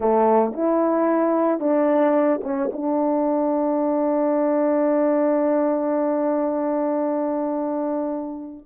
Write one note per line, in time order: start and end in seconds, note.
0.00 0.53 A3
0.53 1.59 E4
1.59 2.41 D4
2.43 2.70 C#4
2.72 8.66 D4